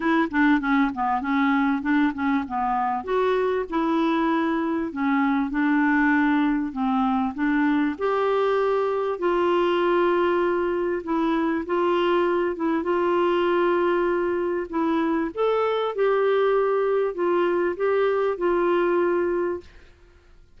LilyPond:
\new Staff \with { instrumentName = "clarinet" } { \time 4/4 \tempo 4 = 98 e'8 d'8 cis'8 b8 cis'4 d'8 cis'8 | b4 fis'4 e'2 | cis'4 d'2 c'4 | d'4 g'2 f'4~ |
f'2 e'4 f'4~ | f'8 e'8 f'2. | e'4 a'4 g'2 | f'4 g'4 f'2 | }